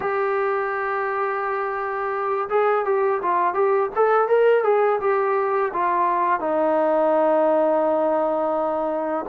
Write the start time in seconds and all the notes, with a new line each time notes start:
0.00 G4
2.49 G#4
2.85 G4
3.22 F4
3.54 G4
3.95 A4
4.28 A#4
4.63 G#4
5.00 G4
5.73 F4
6.40 D#4